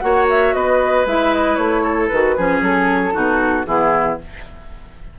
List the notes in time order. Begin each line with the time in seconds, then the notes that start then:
0.00 A#3 F#4 C#5 F#5
0.30 E5
0.54 B3 B4 D#5
1.06 G#3 E4 E5
1.34 D#5
1.56 A3 C#5
1.83 A4
2.08 D#3 F#4 B4
2.37 F3 C#4 G#4
2.62 F#3 A4
3.12 B2 D#4 F#4
3.66 E3 B3 E4 G#4